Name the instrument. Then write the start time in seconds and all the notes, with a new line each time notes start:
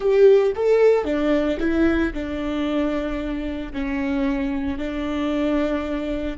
viola
0.00 G4
0.55 A4
1.04 D4
1.60 E4
2.13 D4
3.72 C#4
4.78 D4